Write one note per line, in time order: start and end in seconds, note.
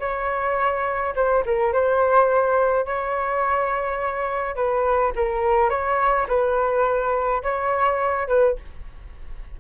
0.00 1.14 C#5
1.16 1.44 C5
1.46 1.73 A#4
1.73 2.86 C5
2.86 4.56 C#5
4.56 5.13 B4
5.16 5.70 A#4
5.70 6.27 C#5
6.28 7.42 B4
7.43 8.28 C#5
8.28 8.56 B4